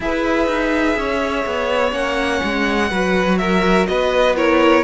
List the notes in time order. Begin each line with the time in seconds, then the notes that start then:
0.00 E4 G#4 B4 E5
0.46 D#4
0.96 C#4 C#5
1.45 B3
1.90 A#3 C#4 F#5
2.43 G#3
2.90 F#3 F#4 B4
3.38 A#4 E5
3.87 B3 B4 D#5
4.35 E4 A#4 C#5